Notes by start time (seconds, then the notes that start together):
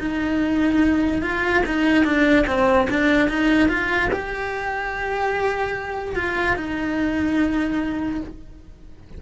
0.00 D#4
1.22 F4
1.66 D#4
2.05 D4
2.47 C4
2.90 D4
3.29 D#4
3.69 F4
4.13 G4
6.16 F4
6.56 D#4